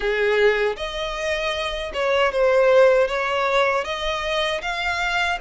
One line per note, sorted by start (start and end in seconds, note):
0.00 0.76 G#4
0.76 1.92 D#5
1.93 2.32 C#5
2.32 3.07 C5
3.07 3.84 C#5
3.84 4.61 D#5
4.62 5.38 F5